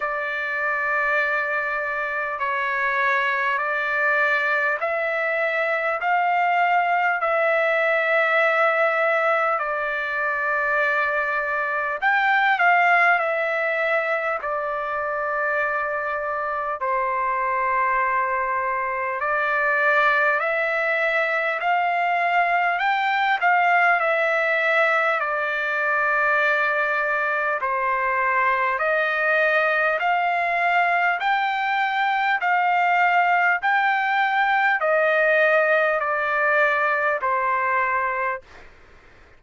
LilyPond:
\new Staff \with { instrumentName = "trumpet" } { \time 4/4 \tempo 4 = 50 d''2 cis''4 d''4 | e''4 f''4 e''2 | d''2 g''8 f''8 e''4 | d''2 c''2 |
d''4 e''4 f''4 g''8 f''8 | e''4 d''2 c''4 | dis''4 f''4 g''4 f''4 | g''4 dis''4 d''4 c''4 | }